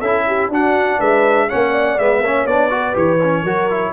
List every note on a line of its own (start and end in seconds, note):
0.00 0.49 C#4
0.00 0.52 E4
0.00 0.25 A4
0.00 0.50 E5
0.27 0.51 G4
0.49 0.98 D4
0.49 1.49 D4
0.49 0.98 F#4
0.49 1.00 F#5
0.98 1.50 G#3
0.98 1.48 B4
0.98 1.49 E5
1.48 1.99 A#3
1.48 1.99 C#4
1.48 1.71 C#5
1.48 1.99 F#5
1.71 2.21 D5
1.99 2.20 G#3
1.99 2.24 B3
1.99 2.47 E5
2.20 2.45 A#3
2.20 2.49 C#4
2.20 2.72 C#5
2.46 2.95 B3
2.46 2.70 D4
2.46 2.96 D5
2.70 2.93 F#4
2.70 3.43 B4
2.93 3.44 E3
2.93 3.18 G4
2.93 3.93 C#5
3.23 3.46 C#4
3.43 3.93 F#3
3.43 3.70 F#4
3.43 3.92 A#4
3.70 3.93 E4